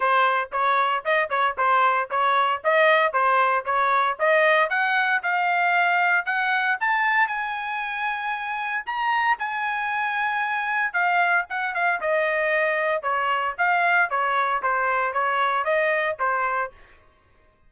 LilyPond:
\new Staff \with { instrumentName = "trumpet" } { \time 4/4 \tempo 4 = 115 c''4 cis''4 dis''8 cis''8 c''4 | cis''4 dis''4 c''4 cis''4 | dis''4 fis''4 f''2 | fis''4 a''4 gis''2~ |
gis''4 ais''4 gis''2~ | gis''4 f''4 fis''8 f''8 dis''4~ | dis''4 cis''4 f''4 cis''4 | c''4 cis''4 dis''4 c''4 | }